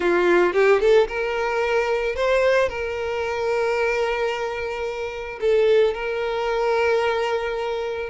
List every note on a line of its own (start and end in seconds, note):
0.00 0.53 F4
0.53 0.80 G4
0.80 1.07 A4
1.08 2.15 A#4
2.15 2.69 C5
2.69 5.39 A#4
5.40 5.94 A4
5.94 8.09 A#4